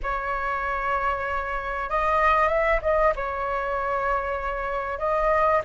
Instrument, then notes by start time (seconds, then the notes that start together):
flute
0.02 C#5
1.89 D#5
2.48 E5
2.82 D#5
3.15 C#5
4.99 D#5